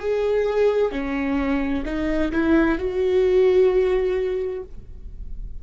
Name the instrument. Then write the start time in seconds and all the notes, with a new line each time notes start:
viola
0.00 G#4
0.92 C#4
1.85 D#4
2.32 E4
2.79 F#4